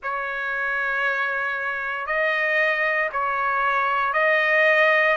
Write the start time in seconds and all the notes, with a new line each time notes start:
0.03 C#5
2.06 D#5
3.12 C#5
4.13 D#5